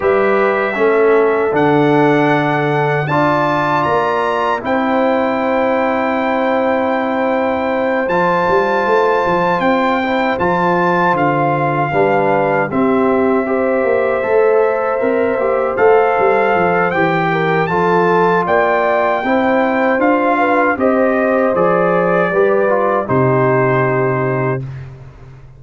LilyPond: <<
  \new Staff \with { instrumentName = "trumpet" } { \time 4/4 \tempo 4 = 78 e''2 fis''2 | a''4 ais''4 g''2~ | g''2~ g''8 a''4.~ | a''8 g''4 a''4 f''4.~ |
f''8 e''2.~ e''8~ | e''8 f''4. g''4 a''4 | g''2 f''4 dis''4 | d''2 c''2 | }
  \new Staff \with { instrumentName = "horn" } { \time 4/4 b'4 a'2. | d''2 c''2~ | c''1~ | c''2.~ c''8 b'8~ |
b'8 g'4 c''2~ c''8~ | c''2~ c''8 ais'8 a'4 | d''4 c''4. b'8 c''4~ | c''4 b'4 g'2 | }
  \new Staff \with { instrumentName = "trombone" } { \time 4/4 g'4 cis'4 d'2 | f'2 e'2~ | e'2~ e'8 f'4.~ | f'4 e'8 f'2 d'8~ |
d'8 c'4 g'4 a'4 ais'8 | g'8 a'4. g'4 f'4~ | f'4 e'4 f'4 g'4 | gis'4 g'8 f'8 dis'2 | }
  \new Staff \with { instrumentName = "tuba" } { \time 4/4 g4 a4 d2 | d'4 ais4 c'2~ | c'2~ c'8 f8 g8 a8 | f8 c'4 f4 d4 g8~ |
g8 c'4. ais8 a4 c'8 | ais8 a8 g8 f8 e4 f4 | ais4 c'4 d'4 c'4 | f4 g4 c2 | }
>>